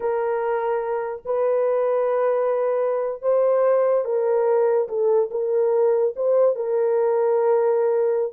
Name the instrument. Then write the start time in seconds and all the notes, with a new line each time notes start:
horn
0.00 A#4
1.25 B4
3.22 C5
4.04 A#4
4.88 A4
5.30 A#4
6.16 C5
6.55 A#4